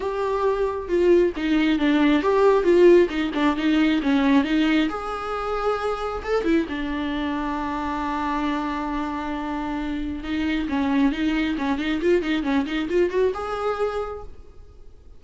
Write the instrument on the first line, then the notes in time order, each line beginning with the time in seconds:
viola
0.00 G4
0.88 F4
1.36 D#4
1.79 D4
2.22 G4
2.63 F4
3.09 D#4
3.34 D4
3.56 D#4
4.02 C#4
4.44 D#4
4.89 G#4
6.23 A4
6.44 E4
6.68 D4
10.23 D#4
10.68 C#4
11.12 D#4
11.57 C#4
11.78 D#4
12.01 F4
12.21 D#4
12.43 C#4
12.66 D#4
12.89 F4
13.10 F#4
13.34 G#4